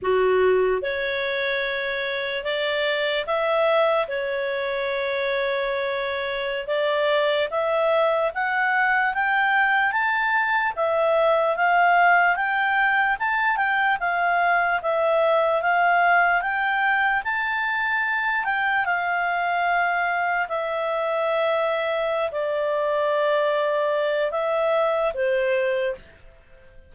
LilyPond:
\new Staff \with { instrumentName = "clarinet" } { \time 4/4 \tempo 4 = 74 fis'4 cis''2 d''4 | e''4 cis''2.~ | cis''16 d''4 e''4 fis''4 g''8.~ | g''16 a''4 e''4 f''4 g''8.~ |
g''16 a''8 g''8 f''4 e''4 f''8.~ | f''16 g''4 a''4. g''8 f''8.~ | f''4~ f''16 e''2~ e''16 d''8~ | d''2 e''4 c''4 | }